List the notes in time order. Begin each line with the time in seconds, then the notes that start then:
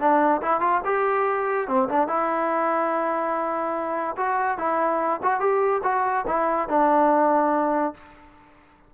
0.00 D4
0.42 E4
0.61 F4
0.85 G4
1.68 C4
1.89 D4
2.08 E4
4.17 F#4
4.58 E4
5.23 F#4
5.40 G4
5.84 F#4
6.27 E4
6.69 D4